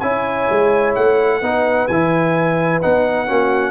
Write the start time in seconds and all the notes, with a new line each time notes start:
0.00 C#4 E4 C#5 G#5
0.50 G#3
0.95 A3 F#5
1.41 B3 D#4 B4
1.87 E3 E4 G#5
2.81 B3 D#4 F#5
3.27 A#3 C#4 F#4